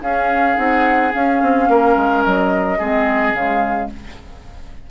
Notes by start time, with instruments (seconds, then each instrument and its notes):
0.00 clarinet C#4, bassoon C#4, oboe G#4, flute F5
0.55 bassoon C4, clarinet D#4, flute F#5
1.13 clarinet C#4, bassoon C#4, flute F5
1.42 bassoon C4
1.69 bassoon A#3, oboe A#4
1.97 bassoon G#3
2.25 bassoon F#3, flute D#5
2.79 bassoon G#3, clarinet C4, oboe G#4
3.33 bassoon C#3, clarinet G#3, flute F5